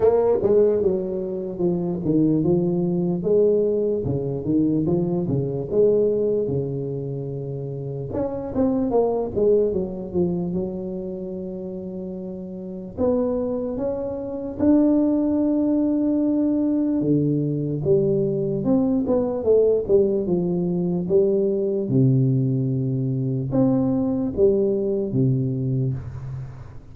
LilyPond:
\new Staff \with { instrumentName = "tuba" } { \time 4/4 \tempo 4 = 74 ais8 gis8 fis4 f8 dis8 f4 | gis4 cis8 dis8 f8 cis8 gis4 | cis2 cis'8 c'8 ais8 gis8 | fis8 f8 fis2. |
b4 cis'4 d'2~ | d'4 d4 g4 c'8 b8 | a8 g8 f4 g4 c4~ | c4 c'4 g4 c4 | }